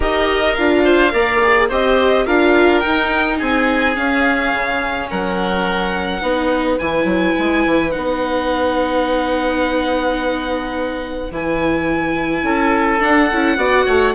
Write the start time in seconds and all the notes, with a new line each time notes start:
0.00 D#4 G4 A#4 D#5
0.54 D4 F4 F5
0.84 C5
1.11 A#3 A#4 D5
1.42 G#4
1.68 C4 G4 C5 D#5
2.26 D4 F4 A#4 F5
2.80 D#4 G5
2.86 D#4
3.37 C4 G#4 G#5
3.94 C#4 F5
4.53 C#3
5.10 F#3 A#4 F#5
6.21 B3 D#4 B4
6.78 E3 E4 G#5
7.04 F#3
7.38 G#3
7.65 E3
7.91 B3 D#4 F#5
11.31 E3 E4 G#5
12.42 C#4 A4
12.99 D4 F#5
13.32 C#4 E4
13.56 B3 F#4 D5
13.85 A3 C#5